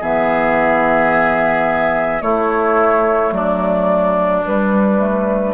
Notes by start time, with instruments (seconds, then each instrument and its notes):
0.00 bassoon E3, clarinet B3, oboe G#4, flute E5
2.21 clarinet A3, bassoon A3, oboe E4, flute C#5
3.31 bassoon F#3, oboe D4, flute D5
4.45 clarinet G3, bassoon G3, flute B4
4.98 clarinet A3